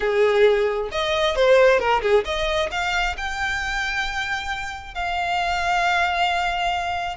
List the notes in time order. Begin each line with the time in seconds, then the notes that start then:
0.00 G#4
0.91 D#5
1.35 C5
1.79 A#4
2.01 G#4
2.24 D#5
2.71 F5
3.17 G5
4.94 F5